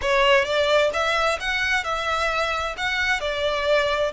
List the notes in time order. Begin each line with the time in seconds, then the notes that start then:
0.01 C#5
0.44 D5
0.93 E5
1.40 F#5
1.83 E5
2.77 F#5
3.20 D5